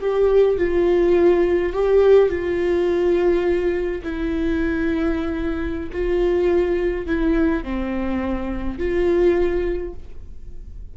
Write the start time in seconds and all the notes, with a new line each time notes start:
0.00 G4
0.57 F4
1.73 G4
2.29 F4
4.03 E4
5.92 F4
7.06 E4
7.63 C4
8.78 F4